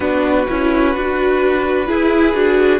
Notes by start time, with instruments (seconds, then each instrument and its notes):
0.00 cello B3, viola D4, violin F#4 B4
0.47 cello C#4, viola E4
0.94 cello D4, viola F#4
1.86 viola E4, cello E4, violin G#4
2.33 cello D4, viola F#4